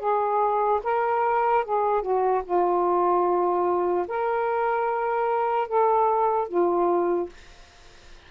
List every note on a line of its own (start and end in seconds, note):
0.00 0.81 G#4
0.84 1.65 A#4
1.65 2.02 G#4
2.02 2.43 F#4
2.45 4.07 F4
4.08 5.68 A#4
5.68 6.49 A4
6.49 7.30 F4